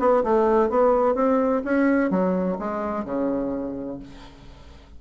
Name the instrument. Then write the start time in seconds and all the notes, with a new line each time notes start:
bassoon
0.00 B3
0.24 A3
0.70 B3
1.15 C4
1.65 C#4
2.10 F#3
2.59 G#3
3.05 C#3